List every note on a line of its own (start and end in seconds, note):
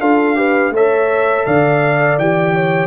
0.00 0.70 D4
0.00 0.36 F4
0.00 0.37 A4
0.00 0.73 F5
0.36 0.72 G4
0.36 0.73 B4
0.70 1.43 A3
0.70 2.20 A4
0.70 1.46 C#5
0.70 1.45 E5
1.45 2.18 D3
1.45 2.55 D5
1.45 2.18 F5
2.18 2.87 E3
2.18 2.87 G4
2.18 2.87 G5
2.55 2.87 C#5